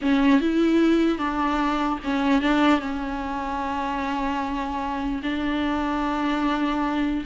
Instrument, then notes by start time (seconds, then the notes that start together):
viola
0.01 C#4
0.40 E4
1.18 D4
2.04 C#4
2.41 D4
2.79 C#4
5.22 D4